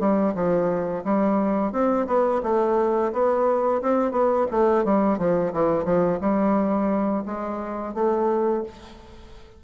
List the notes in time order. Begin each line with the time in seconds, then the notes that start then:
0.00 G3
0.35 F3
1.05 G3
1.73 C4
2.08 B3
2.44 A3
3.13 B3
3.82 C4
4.12 B3
4.51 A3
4.85 G3
5.18 F3
5.53 E3
5.85 F3
6.21 G3
7.26 G#3
7.95 A3